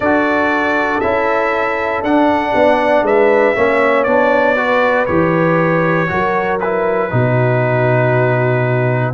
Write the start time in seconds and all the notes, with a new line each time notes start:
0.00 D4 F#4 A4 D5
1.00 C#4 E4 E5
2.02 D4 F#5
2.54 B3 D5
3.02 G#3 B4 E5
3.55 A#3 C#4 C#5
4.03 B3 D4 D5
4.56 F#4 B4
5.06 E3 G4 C#5
6.07 F#3 F#4 A#4
6.60 E4 B4
7.10 B2 D#4 F#4